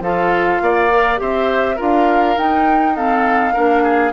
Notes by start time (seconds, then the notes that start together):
0.00 F3 F4 A4 F5
0.61 A#3 D5
0.90 A#4
1.17 C4 G4 C5 E5
1.75 D4 F4 A#4 F5
2.37 D#4 G5
2.95 C4 A4 F5
3.53 A#3 D4 A#4
3.83 G#4